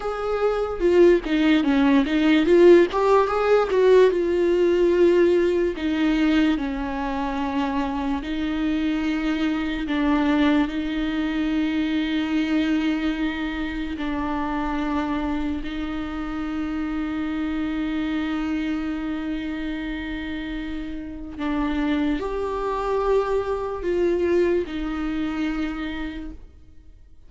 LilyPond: \new Staff \with { instrumentName = "viola" } { \time 4/4 \tempo 4 = 73 gis'4 f'8 dis'8 cis'8 dis'8 f'8 g'8 | gis'8 fis'8 f'2 dis'4 | cis'2 dis'2 | d'4 dis'2.~ |
dis'4 d'2 dis'4~ | dis'1~ | dis'2 d'4 g'4~ | g'4 f'4 dis'2 | }